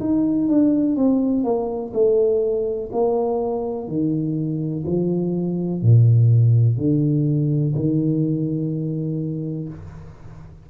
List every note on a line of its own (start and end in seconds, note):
0.00 0.48 D#4
0.49 0.96 D4
0.96 1.44 C4
1.44 1.93 A#3
1.94 2.91 A3
2.93 3.88 A#3
3.88 4.85 D#3
4.87 5.82 F3
5.82 6.78 A#2
6.78 7.75 D3
7.76 9.69 D#3